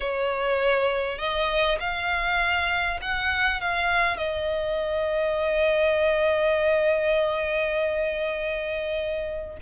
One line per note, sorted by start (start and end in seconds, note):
0.00 1.18 C#5
1.18 1.78 D#5
1.80 3.00 F5
3.01 3.60 F#5
3.60 4.17 F5
4.17 9.57 D#5